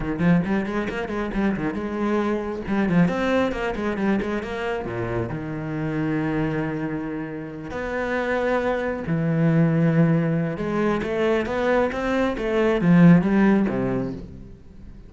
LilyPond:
\new Staff \with { instrumentName = "cello" } { \time 4/4 \tempo 4 = 136 dis8 f8 g8 gis8 ais8 gis8 g8 dis8 | gis2 g8 f8 c'4 | ais8 gis8 g8 gis8 ais4 ais,4 | dis1~ |
dis4. b2~ b8~ | b8 e2.~ e8 | gis4 a4 b4 c'4 | a4 f4 g4 c4 | }